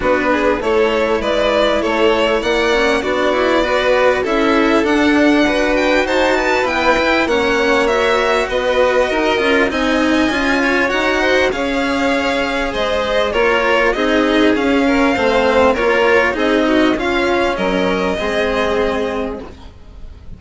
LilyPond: <<
  \new Staff \with { instrumentName = "violin" } { \time 4/4 \tempo 4 = 99 b'4 cis''4 d''4 cis''4 | fis''4 d''2 e''4 | fis''4. g''8 a''4 g''4 | fis''4 e''4 dis''2 |
gis''2 fis''4 f''4~ | f''4 dis''4 cis''4 dis''4 | f''2 cis''4 dis''4 | f''4 dis''2. | }
  \new Staff \with { instrumentName = "violin" } { \time 4/4 fis'8 gis'8 a'4 b'4 a'4 | d''4 fis'4 b'4 a'4~ | a'4 b'4 c''8 b'4. | cis''2 b'4 ais'4 |
dis''4. cis''4 c''8 cis''4~ | cis''4 c''4 ais'4 gis'4~ | gis'8 ais'8 c''4 ais'4 gis'8 fis'8 | f'4 ais'4 gis'2 | }
  \new Staff \with { instrumentName = "cello" } { \time 4/4 d'4 e'2.~ | e'8 cis'8 d'8 e'8 fis'4 e'4 | d'4 fis'2 b8 e'8 | cis'4 fis'2~ fis'8 f'8 |
dis'4 f'4 fis'4 gis'4~ | gis'2 f'4 dis'4 | cis'4 c'4 f'4 dis'4 | cis'2 c'2 | }
  \new Staff \with { instrumentName = "bassoon" } { \time 4/4 b4 a4 gis4 a4 | ais4 b2 cis'4 | d'2 dis'4 e'4 | ais2 b4 dis'8 cis'8 |
c'4 cis'4 dis'4 cis'4~ | cis'4 gis4 ais4 c'4 | cis'4 a4 ais4 c'4 | cis'4 fis4 gis2 | }
>>